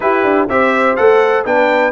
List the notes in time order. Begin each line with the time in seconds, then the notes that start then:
0.00 E4 G4 B4
0.23 D4
0.48 C4 G4 C5 E5
0.96 A3 A4 F#5
1.45 B3 D4 B4 G5